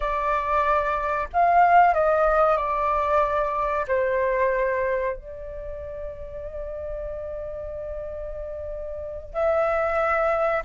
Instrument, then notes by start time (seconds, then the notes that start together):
flute
0.00 D5
1.33 F5
1.94 D#5
2.56 D5
3.87 C5
5.16 D5
9.33 E5